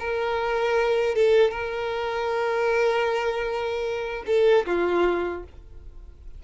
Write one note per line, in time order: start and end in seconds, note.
0.00 1.15 A#4
1.15 1.51 A4
1.51 4.24 A#4
4.27 4.66 A4
4.66 5.44 F4